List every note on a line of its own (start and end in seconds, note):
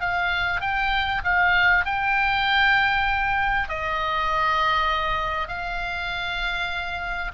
0.00 0.60 F5
0.60 1.22 G5
1.24 1.85 F5
1.85 3.68 G5
3.68 5.48 D#5
5.48 7.31 F5